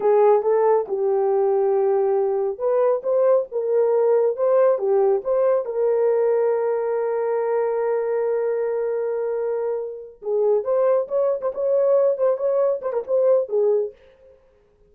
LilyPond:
\new Staff \with { instrumentName = "horn" } { \time 4/4 \tempo 4 = 138 gis'4 a'4 g'2~ | g'2 b'4 c''4 | ais'2 c''4 g'4 | c''4 ais'2.~ |
ais'1~ | ais'2.~ ais'8 gis'8~ | gis'8 c''4 cis''8. c''16 cis''4. | c''8 cis''4 c''16 ais'16 c''4 gis'4 | }